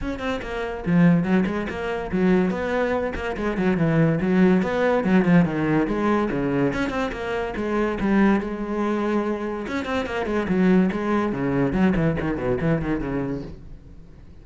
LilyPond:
\new Staff \with { instrumentName = "cello" } { \time 4/4 \tempo 4 = 143 cis'8 c'8 ais4 f4 fis8 gis8 | ais4 fis4 b4. ais8 | gis8 fis8 e4 fis4 b4 | fis8 f8 dis4 gis4 cis4 |
cis'8 c'8 ais4 gis4 g4 | gis2. cis'8 c'8 | ais8 gis8 fis4 gis4 cis4 | fis8 e8 dis8 b,8 e8 dis8 cis4 | }